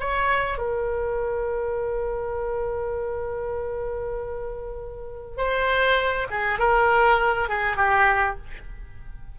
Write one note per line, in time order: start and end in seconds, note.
0.00 0.59 C#5
0.59 5.38 A#4
5.38 6.28 C5
6.31 6.59 G#4
6.59 7.49 A#4
7.49 7.77 G#4
7.77 8.37 G4